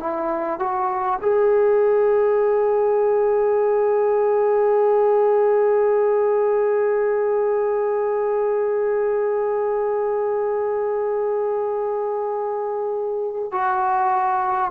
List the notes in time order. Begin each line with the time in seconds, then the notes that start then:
0.00 E4
0.59 F#4
1.22 G#4
13.52 F#4